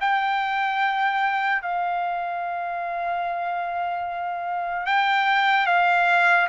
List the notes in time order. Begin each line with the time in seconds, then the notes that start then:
0.00 G5
1.61 F5
4.85 G5
5.66 F5